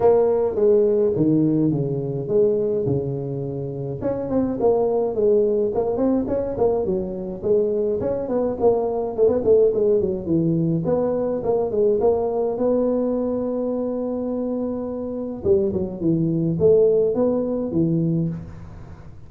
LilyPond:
\new Staff \with { instrumentName = "tuba" } { \time 4/4 \tempo 4 = 105 ais4 gis4 dis4 cis4 | gis4 cis2 cis'8 c'8 | ais4 gis4 ais8 c'8 cis'8 ais8 | fis4 gis4 cis'8 b8 ais4 |
a16 b16 a8 gis8 fis8 e4 b4 | ais8 gis8 ais4 b2~ | b2. g8 fis8 | e4 a4 b4 e4 | }